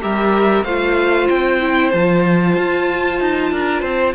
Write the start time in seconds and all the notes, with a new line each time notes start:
0.00 G3 G4 A#4 E5
0.64 A3 F4 C5 F5
1.29 C4 G5
1.60 E4
1.90 F3 F4 A5
2.57 F4
3.20 D#4
3.51 D4 A#4
3.81 C4 C5